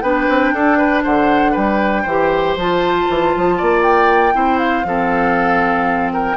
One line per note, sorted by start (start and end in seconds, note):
0.00 0.27 B3
0.00 2.06 D4
0.00 0.53 B4
0.00 1.02 G5
0.28 0.53 C4
0.53 1.03 D4
0.53 0.77 A4
0.77 1.03 B4
1.03 1.56 D3
1.03 1.51 C5
1.03 1.54 F#5
1.51 2.05 G3
1.51 2.02 B4
1.51 2.56 G5
2.02 2.56 E3
2.02 3.55 C5
2.08 2.59 G4
2.56 3.06 F3
2.56 4.33 F4
2.56 3.82 A5
3.09 3.34 E3
3.36 3.61 F3
3.57 4.34 A#3
3.57 4.33 D5
3.82 4.58 G5
4.33 4.84 C4
4.33 4.83 E4
4.33 4.86 C5
4.58 6.11 F5
4.84 6.36 F3
4.84 6.36 C4
4.84 6.13 A4
6.13 6.36 A#4
6.13 6.36 G5